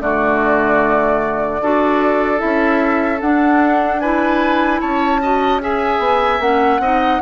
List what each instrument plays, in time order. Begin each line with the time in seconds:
0.00 bassoon D3, clarinet A3, oboe F#4, flute D5
1.62 bassoon D4, clarinet F#4, oboe A4
2.37 clarinet E4, flute E5
2.44 bassoon C#4
3.21 bassoon D4, clarinet D4, flute F#5
4.00 clarinet E4, oboe B4, flute G#5
4.80 bassoon C#4, oboe C#5, flute A5
5.22 clarinet F#4, oboe D#5
5.61 clarinet G#4, oboe E5, flute G#5
5.99 bassoon B3
6.40 bassoon A#3, clarinet C#4, flute F#5
6.79 bassoon C4, clarinet D#4, oboe D#5